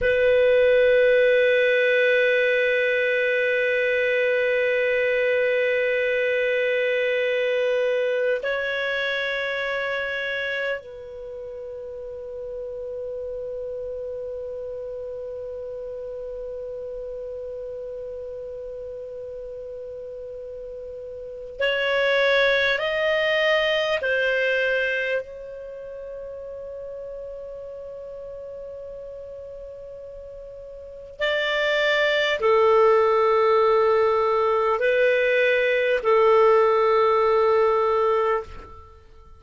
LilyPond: \new Staff \with { instrumentName = "clarinet" } { \time 4/4 \tempo 4 = 50 b'1~ | b'2. cis''4~ | cis''4 b'2.~ | b'1~ |
b'2 cis''4 dis''4 | c''4 cis''2.~ | cis''2 d''4 a'4~ | a'4 b'4 a'2 | }